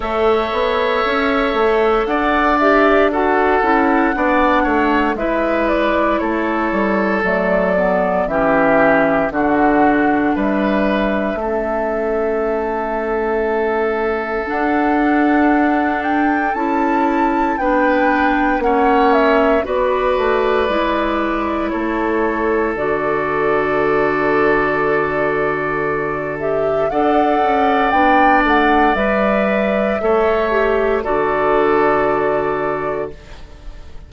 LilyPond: <<
  \new Staff \with { instrumentName = "flute" } { \time 4/4 \tempo 4 = 58 e''2 fis''8 e''8 fis''4~ | fis''4 e''8 d''8 cis''4 d''4 | e''4 fis''4 e''2~ | e''2 fis''4. g''8 |
a''4 g''4 fis''8 e''8 d''4~ | d''4 cis''4 d''2~ | d''4. e''8 fis''4 g''8 fis''8 | e''2 d''2 | }
  \new Staff \with { instrumentName = "oboe" } { \time 4/4 cis''2 d''4 a'4 | d''8 cis''8 b'4 a'2 | g'4 fis'4 b'4 a'4~ | a'1~ |
a'4 b'4 cis''4 b'4~ | b'4 a'2.~ | a'2 d''2~ | d''4 cis''4 a'2 | }
  \new Staff \with { instrumentName = "clarinet" } { \time 4/4 a'2~ a'8 g'8 fis'8 e'8 | d'4 e'2 a8 b8 | cis'4 d'2 cis'4~ | cis'2 d'2 |
e'4 d'4 cis'4 fis'4 | e'2 fis'2~ | fis'4. g'8 a'4 d'4 | b'4 a'8 g'8 fis'2 | }
  \new Staff \with { instrumentName = "bassoon" } { \time 4/4 a8 b8 cis'8 a8 d'4. cis'8 | b8 a8 gis4 a8 g8 fis4 | e4 d4 g4 a4~ | a2 d'2 |
cis'4 b4 ais4 b8 a8 | gis4 a4 d2~ | d2 d'8 cis'8 b8 a8 | g4 a4 d2 | }
>>